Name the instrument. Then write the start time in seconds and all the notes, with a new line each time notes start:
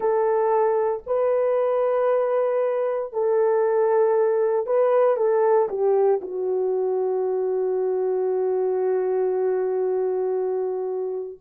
horn
0.00 A4
1.06 B4
3.13 A4
4.66 B4
5.16 A4
5.68 G4
6.21 F#4